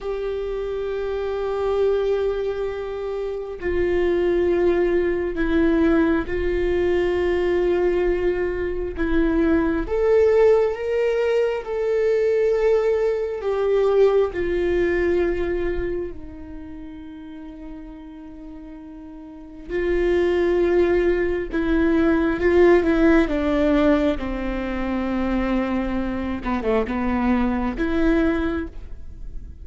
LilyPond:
\new Staff \with { instrumentName = "viola" } { \time 4/4 \tempo 4 = 67 g'1 | f'2 e'4 f'4~ | f'2 e'4 a'4 | ais'4 a'2 g'4 |
f'2 dis'2~ | dis'2 f'2 | e'4 f'8 e'8 d'4 c'4~ | c'4. b16 a16 b4 e'4 | }